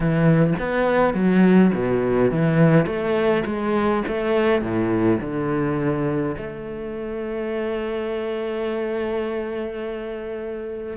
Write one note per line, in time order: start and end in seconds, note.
0.00 0.53 E3
0.59 1.14 B3
1.14 1.72 F#3
1.74 2.31 B2
2.31 2.86 E3
2.86 3.43 A3
3.45 4.03 G#3
4.07 4.62 A3
4.62 5.19 A2
5.20 6.35 D3
6.37 10.96 A3